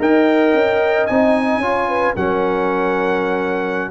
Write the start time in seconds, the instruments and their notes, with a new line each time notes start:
0.00 tuba D#4, trombone A#4, horn D#5, trumpet G5
0.54 tuba C#4
1.07 tuba C4, trombone D#4, trumpet G#5
1.58 tuba C#4, trombone F4
1.65 horn C#5
1.89 horn B4
2.15 tuba F#3, trombone C#4, horn A#4, trumpet F#5